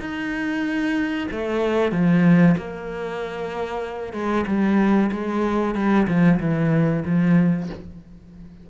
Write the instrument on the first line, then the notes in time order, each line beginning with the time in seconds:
cello
0.00 D#4
1.31 A3
1.92 F3
2.57 A#3
4.13 G#3
4.47 G3
5.12 G#3
5.75 G3
6.08 F3
6.40 E3
7.06 F3